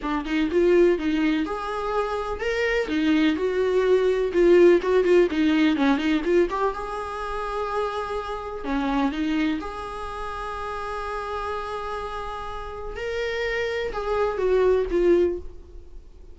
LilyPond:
\new Staff \with { instrumentName = "viola" } { \time 4/4 \tempo 4 = 125 d'8 dis'8 f'4 dis'4 gis'4~ | gis'4 ais'4 dis'4 fis'4~ | fis'4 f'4 fis'8 f'8 dis'4 | cis'8 dis'8 f'8 g'8 gis'2~ |
gis'2 cis'4 dis'4 | gis'1~ | gis'2. ais'4~ | ais'4 gis'4 fis'4 f'4 | }